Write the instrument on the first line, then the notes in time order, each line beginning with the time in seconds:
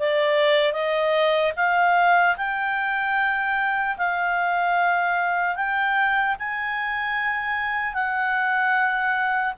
clarinet
0.00 D5
0.73 D#5
1.57 F5
2.37 G5
3.98 F5
5.56 G5
6.40 G#5
7.94 F#5